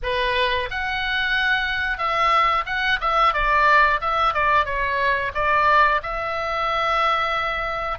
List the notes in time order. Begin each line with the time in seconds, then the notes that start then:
0.02 B4
0.70 F#5
1.98 E5
2.65 F#5
3.00 E5
3.33 D5
4.01 E5
4.33 D5
4.65 C#5
5.34 D5
6.02 E5